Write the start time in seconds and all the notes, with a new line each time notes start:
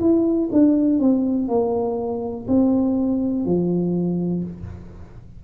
0.00 E4
0.52 D4
0.99 C4
1.48 A#3
2.47 C4
3.45 F3